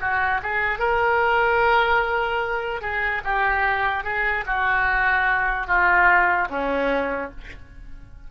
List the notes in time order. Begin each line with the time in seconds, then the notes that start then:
0.00 F#4
0.42 G#4
0.79 A#4
2.81 G#4
3.24 G4
4.04 G#4
4.46 F#4
5.67 F4
6.50 C#4